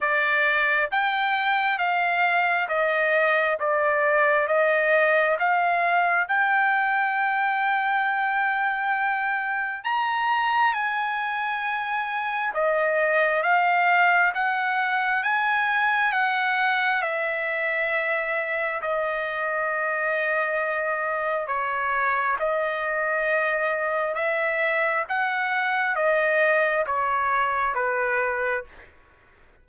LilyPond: \new Staff \with { instrumentName = "trumpet" } { \time 4/4 \tempo 4 = 67 d''4 g''4 f''4 dis''4 | d''4 dis''4 f''4 g''4~ | g''2. ais''4 | gis''2 dis''4 f''4 |
fis''4 gis''4 fis''4 e''4~ | e''4 dis''2. | cis''4 dis''2 e''4 | fis''4 dis''4 cis''4 b'4 | }